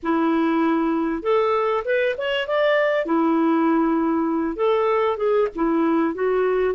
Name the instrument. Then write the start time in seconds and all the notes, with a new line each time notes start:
clarinet
0.02 E4
1.22 A4
1.85 B4
2.17 C#5
2.47 D5
3.05 E4
4.56 A4
5.17 G#4
5.55 E4
6.14 F#4